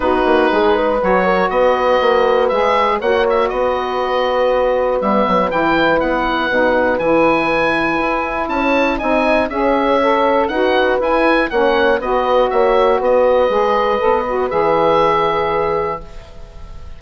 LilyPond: <<
  \new Staff \with { instrumentName = "oboe" } { \time 4/4 \tempo 4 = 120 b'2 cis''4 dis''4~ | dis''4 e''4 fis''8 e''8 dis''4~ | dis''2 e''4 g''4 | fis''2 gis''2~ |
gis''4 a''4 gis''4 e''4~ | e''4 fis''4 gis''4 fis''4 | dis''4 e''4 dis''2~ | dis''4 e''2. | }
  \new Staff \with { instrumentName = "horn" } { \time 4/4 fis'4 gis'8 b'4 ais'8 b'4~ | b'2 cis''4 b'4~ | b'1~ | b'1~ |
b'4 cis''4 dis''4 cis''4~ | cis''4 b'2 cis''4 | b'4 cis''4 b'2~ | b'1 | }
  \new Staff \with { instrumentName = "saxophone" } { \time 4/4 dis'2 fis'2~ | fis'4 gis'4 fis'2~ | fis'2 b4 e'4~ | e'4 dis'4 e'2~ |
e'2 dis'4 gis'4 | a'4 fis'4 e'4 cis'4 | fis'2. gis'4 | a'8 fis'8 gis'2. | }
  \new Staff \with { instrumentName = "bassoon" } { \time 4/4 b8 ais8 gis4 fis4 b4 | ais4 gis4 ais4 b4~ | b2 g8 fis8 e4 | b4 b,4 e2 |
e'4 cis'4 c'4 cis'4~ | cis'4 dis'4 e'4 ais4 | b4 ais4 b4 gis4 | b4 e2. | }
>>